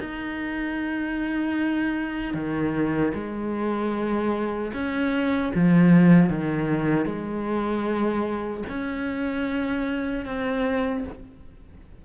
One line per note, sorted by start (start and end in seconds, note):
0.00 2.34 D#4
2.34 3.13 D#3
3.14 4.72 G#3
4.74 5.53 C#4
5.55 6.30 F3
6.30 7.06 D#3
7.06 8.63 G#3
8.69 10.25 C#4
10.25 11.04 C4